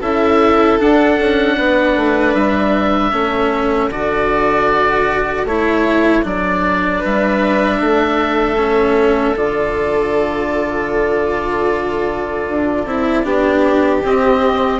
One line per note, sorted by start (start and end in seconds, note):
0.00 0.79 C#4
0.00 0.79 E4
0.00 1.56 A4
0.00 0.79 E5
0.79 3.12 D4
0.79 1.19 D4
0.79 2.35 F#5
1.19 1.58 C#4
1.57 1.95 B3
1.57 3.12 B4
1.95 2.34 A3
2.34 3.12 G3
2.34 3.90 E5
3.12 3.90 A3
3.12 3.90 C#4
3.12 6.99 A4
3.90 5.44 D3
3.90 5.46 F#4
3.90 5.47 D5
5.44 6.22 A3
5.44 6.22 E4
5.44 6.25 C#5
6.22 7.02 F#3
6.22 8.56 D4
6.22 7.03 D5
6.99 7.80 G3
6.99 7.77 B4
6.99 9.37 E5
7.80 9.36 A3
7.80 13.24 A4
8.57 9.35 C#4
9.36 12.47 D3
9.36 12.86 F4
9.36 14.05 D5
12.49 12.85 D4
12.85 13.24 C4
12.85 13.23 E4
13.23 14.02 B3
13.23 14.01 D4
13.23 14.79 G4
14.03 14.79 C4
14.03 14.79 D#5